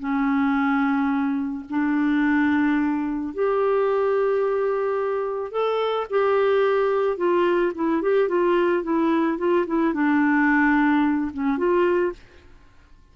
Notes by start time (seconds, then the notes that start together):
0.00 C#4
1.70 D4
3.34 G4
5.52 A4
6.10 G4
7.17 F4
7.75 E4
8.02 G4
8.28 F4
8.83 E4
9.38 F4
9.67 E4
9.94 D4
11.33 C#4
11.58 F4